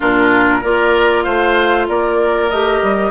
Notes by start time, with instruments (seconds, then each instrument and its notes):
0.00 bassoon A#2, clarinet D4, oboe F4, flute A#4
0.61 bassoon A#3, clarinet F4, oboe A#4, flute D5
1.23 bassoon A3, oboe C5, flute F5
1.88 bassoon A#3, oboe A#4, flute D5
2.50 bassoon A3, clarinet G4, flute D#5
2.82 bassoon G3